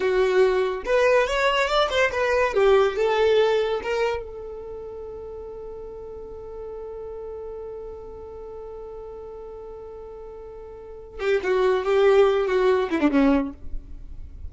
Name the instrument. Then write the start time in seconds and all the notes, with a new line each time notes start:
violin
0.00 F#4
0.85 B4
1.27 C#5
1.68 D5
1.90 C5
2.12 B4
2.54 G4
2.96 A4
3.83 A#4
4.22 A4
11.19 G4
11.43 F#4
11.84 G4
12.47 F#4
12.90 E4
12.99 D4
13.10 C#4